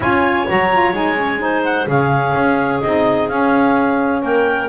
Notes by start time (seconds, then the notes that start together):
0.00 C#4 F4 C#5 G#5
0.46 F#3 F#4 A#5
0.72 F4
0.92 G#3 D#4 G#5
1.16 C#4
1.38 D#4 C5
1.64 F#5
1.86 C#3 C#4 G#4 F5
2.35 C#4
2.81 C4 D#4 D#5
3.28 C#4 F5
4.22 A#3 A#4 G5